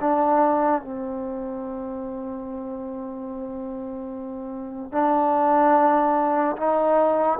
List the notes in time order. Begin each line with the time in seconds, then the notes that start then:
0.00 D4
0.81 C4
4.92 D4
6.56 D#4